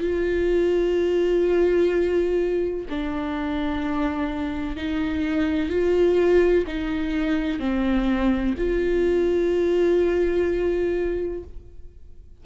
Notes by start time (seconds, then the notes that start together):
0.00 F4
2.89 D4
4.76 D#4
5.69 F4
6.67 D#4
7.59 C4
8.57 F4